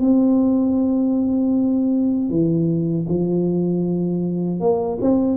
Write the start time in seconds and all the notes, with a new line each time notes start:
0.00 C4
2.29 E3
3.08 F3
4.60 A#3
5.01 C4